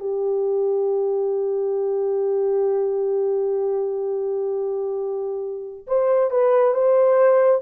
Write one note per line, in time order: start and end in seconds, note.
0.00 5.87 G4
5.87 6.31 C5
6.31 6.74 B4
6.74 7.61 C5